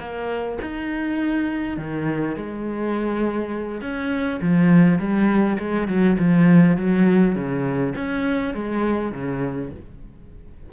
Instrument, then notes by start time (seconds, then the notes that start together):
cello
0.00 A#3
0.62 D#4
1.78 D#3
2.36 G#3
3.82 C#4
4.42 F3
4.99 G3
5.59 G#3
5.88 F#3
6.19 F3
6.77 F#3
7.36 C#3
7.96 C#4
8.54 G#3
9.12 C#3